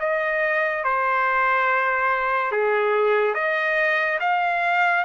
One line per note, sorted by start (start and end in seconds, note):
0.00 0.84 D#5
0.84 2.52 C5
2.52 3.35 G#4
3.35 4.19 D#5
4.20 5.05 F5